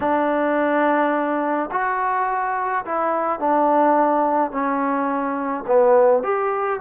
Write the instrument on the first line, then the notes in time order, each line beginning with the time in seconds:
trombone
0.00 D4
1.71 F#4
2.85 E4
3.39 D4
4.51 C#4
5.66 B3
6.23 G4